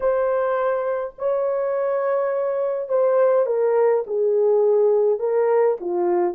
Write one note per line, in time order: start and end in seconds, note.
0.00 1.14 C5
1.18 2.88 C#5
2.88 3.46 C5
3.46 4.04 A#4
4.06 5.19 G#4
5.19 5.77 A#4
5.80 6.34 F4